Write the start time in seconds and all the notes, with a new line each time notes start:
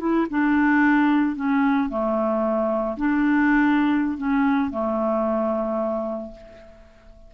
0.00 E4
0.30 D4
1.36 C#4
1.89 A3
2.97 D4
4.18 C#4
4.71 A3